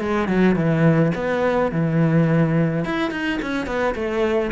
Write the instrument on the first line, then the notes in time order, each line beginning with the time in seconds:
cello
0.00 G#3
0.28 F#3
0.55 E3
1.15 B3
1.72 E3
2.85 E4
3.11 D#4
3.42 C#4
3.66 B3
3.95 A3